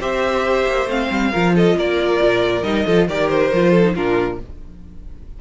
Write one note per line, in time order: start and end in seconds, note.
0.00 0.66 C4
0.00 0.88 G4
0.00 1.31 C5
0.00 0.89 E5
0.67 0.85 A#3
0.85 1.07 A3
0.85 1.32 C4
0.85 1.55 F5
1.10 1.32 G3
1.31 1.76 F3
1.31 2.64 F4
1.31 1.53 A#4
1.55 1.77 A4
1.55 1.78 D#5
1.76 2.19 A#3
1.76 2.85 A#4
1.76 2.63 D5
2.22 2.63 A#2
2.63 2.85 G3
2.63 2.86 D#4
2.63 3.07 D#5
2.85 3.07 F3
2.85 3.08 F4
2.85 3.07 A4
3.07 3.51 D#3
3.07 3.52 G4
3.07 3.71 A#4
3.07 3.29 D5
3.29 3.95 C5
3.53 3.96 F3
3.53 3.83 F4
3.71 3.93 A4
3.83 3.94 D#4
3.95 4.41 A#2
3.95 4.39 D4
3.95 4.39 F4
3.95 4.39 A#4